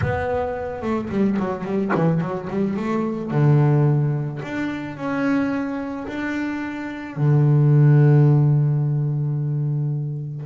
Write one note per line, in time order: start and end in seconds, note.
0.01 0.81 B3
0.81 1.09 A3
1.09 1.37 G3
1.39 1.64 F#3
1.64 1.91 G3
1.94 2.20 E3
2.20 2.48 F#3
2.49 2.76 G3
2.76 3.31 A3
3.31 4.41 D3
4.42 4.96 D4
4.96 6.07 C#4
6.07 7.16 D4
7.16 10.45 D3